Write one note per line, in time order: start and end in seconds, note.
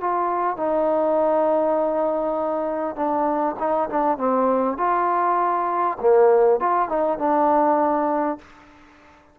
0.00 0.56 F4
0.56 2.95 D#4
2.95 3.55 D4
3.59 3.89 D#4
3.89 4.18 D4
4.18 4.77 C4
4.77 5.97 F4
6.00 6.60 A#3
6.60 6.88 F4
6.88 7.18 D#4
7.18 8.38 D4